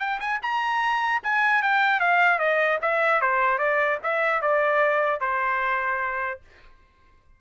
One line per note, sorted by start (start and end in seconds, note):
0.00 0.20 G5
0.20 0.40 G#5
0.42 1.22 A#5
1.24 1.63 G#5
1.63 2.00 G5
2.00 2.39 F5
2.39 2.79 D#5
2.82 3.22 E5
3.22 3.59 C5
3.59 3.99 D5
4.03 4.42 E5
4.42 5.21 D5
5.21 6.41 C5